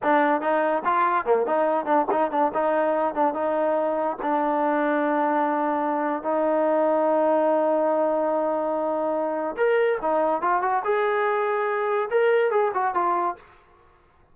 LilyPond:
\new Staff \with { instrumentName = "trombone" } { \time 4/4 \tempo 4 = 144 d'4 dis'4 f'4 ais8 dis'8~ | dis'8 d'8 dis'8 d'8 dis'4. d'8 | dis'2 d'2~ | d'2. dis'4~ |
dis'1~ | dis'2. ais'4 | dis'4 f'8 fis'8 gis'2~ | gis'4 ais'4 gis'8 fis'8 f'4 | }